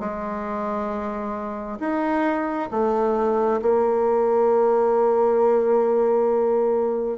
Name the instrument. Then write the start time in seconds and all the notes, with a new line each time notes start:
bassoon
0.00 G#3
1.80 D#4
2.71 A3
3.62 A#3